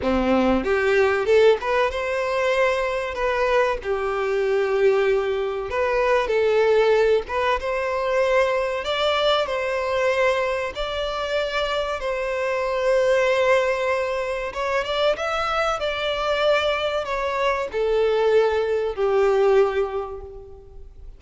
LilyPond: \new Staff \with { instrumentName = "violin" } { \time 4/4 \tempo 4 = 95 c'4 g'4 a'8 b'8 c''4~ | c''4 b'4 g'2~ | g'4 b'4 a'4. b'8 | c''2 d''4 c''4~ |
c''4 d''2 c''4~ | c''2. cis''8 d''8 | e''4 d''2 cis''4 | a'2 g'2 | }